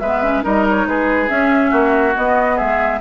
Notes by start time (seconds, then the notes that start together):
0.00 G#3 B3 B4 E5
0.23 C#4
0.43 G3 D#4 A#4 D#5
0.69 C#5
0.86 G#3 G#4 B4
1.28 C#4 E5
1.71 A#3 F#4
2.16 B3 D#5
2.56 G#3 G#4 E5